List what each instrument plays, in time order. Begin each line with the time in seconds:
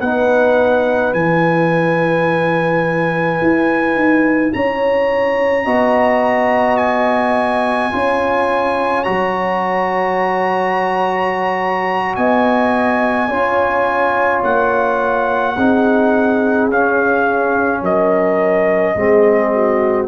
0.00 tuba B3, trombone D#4, horn B4, trumpet F#5
1.13 tuba E3, trombone E4, trumpet G#5
3.42 tuba E4
3.95 tuba D#4
4.53 tuba C#4, horn C#5, trumpet A#5
5.65 tuba B3, trombone F#4, horn D#5
6.77 trumpet G#5
7.92 tuba C#4, trombone F4, horn C#5
9.03 tuba F#3, trombone F#4, trumpet A#5
12.15 tuba B3, horn D#5, trumpet G#5
13.29 tuba C#4, trombone F4, horn C#5
14.43 tuba A#3, trumpet F#5
15.55 tuba C4, trombone D#4, horn G#4
16.69 tuba C#4, trombone C#4, trumpet F5
17.82 tuba F#3, horn A#4, trumpet D#5
18.95 tuba G#3, trombone C4, horn G#4
19.54 horn F#4